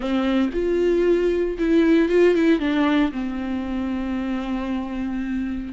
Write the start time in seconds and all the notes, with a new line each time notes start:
0.00 C4
0.53 F4
1.58 E4
2.08 F4
2.35 E4
2.59 D4
3.12 C4